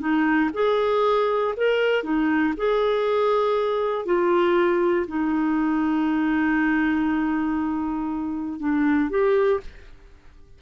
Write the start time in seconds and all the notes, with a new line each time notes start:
0.00 D#4
0.54 G#4
1.57 A#4
2.04 D#4
2.57 G#4
4.05 F4
5.08 D#4
8.60 D4
9.10 G4